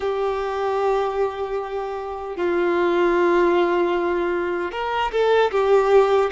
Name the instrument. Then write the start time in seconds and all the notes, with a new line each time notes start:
violin
0.00 G4
2.36 F4
4.71 A#4
5.11 A4
5.51 G4